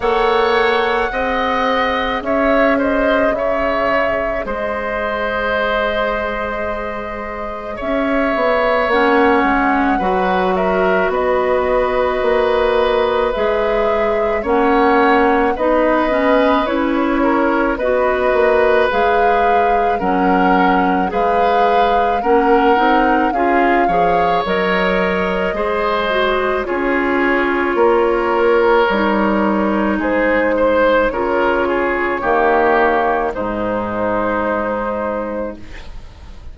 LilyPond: <<
  \new Staff \with { instrumentName = "flute" } { \time 4/4 \tempo 4 = 54 fis''2 e''8 dis''8 e''4 | dis''2. e''4 | fis''4. e''8 dis''2 | e''4 fis''4 dis''4 cis''4 |
dis''4 f''4 fis''4 f''4 | fis''4 f''4 dis''2 | cis''2. c''4 | cis''2 c''2 | }
  \new Staff \with { instrumentName = "oboe" } { \time 4/4 cis''4 dis''4 cis''8 c''8 cis''4 | c''2. cis''4~ | cis''4 b'8 ais'8 b'2~ | b'4 cis''4 b'4. ais'8 |
b'2 ais'4 b'4 | ais'4 gis'8 cis''4. c''4 | gis'4 ais'2 gis'8 c''8 | ais'8 gis'8 g'4 dis'2 | }
  \new Staff \with { instrumentName = "clarinet" } { \time 4/4 a'4 gis'2.~ | gis'1 | cis'4 fis'2. | gis'4 cis'4 dis'8 cis'8 e'4 |
fis'4 gis'4 cis'4 gis'4 | cis'8 dis'8 f'8 gis'8 ais'4 gis'8 fis'8 | f'2 dis'2 | f'4 ais4 gis2 | }
  \new Staff \with { instrumentName = "bassoon" } { \time 4/4 ais4 c'4 cis'4 cis4 | gis2. cis'8 b8 | ais8 gis8 fis4 b4 ais4 | gis4 ais4 b4 cis'4 |
b8 ais8 gis4 fis4 gis4 | ais8 c'8 cis'8 f8 fis4 gis4 | cis'4 ais4 g4 gis4 | cis4 dis4 gis,2 | }
>>